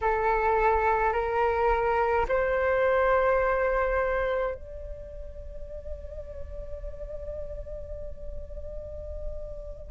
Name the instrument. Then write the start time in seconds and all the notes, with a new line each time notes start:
flute
0.01 A4
1.12 A#4
2.28 C5
4.54 D5